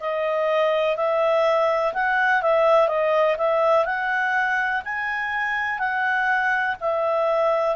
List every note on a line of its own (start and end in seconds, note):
0.00 0.97 D#5
0.97 1.94 E5
1.94 2.42 F#5
2.42 2.88 E5
2.88 3.37 D#5
3.38 3.85 E5
3.85 4.82 F#5
4.85 5.79 G#5
5.79 6.76 F#5
6.80 7.76 E5